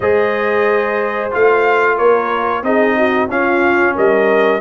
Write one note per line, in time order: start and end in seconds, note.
0.00 1.31 G#3
0.00 1.31 G#4
0.00 1.93 C5
0.00 1.30 D#5
1.31 1.99 A3
1.31 2.63 F4
1.31 1.97 F5
1.97 2.62 A#3
1.97 2.63 A#4
1.97 2.63 C#5
2.62 3.28 C4
2.62 3.28 D#4
2.62 2.96 G#4
2.62 3.29 D#5
2.96 3.29 F#4
3.28 4.60 C#4
3.28 3.95 C#4
3.28 3.95 F4
3.28 3.96 F5
3.95 4.60 G3
3.95 4.60 A#4
3.95 4.60 D#5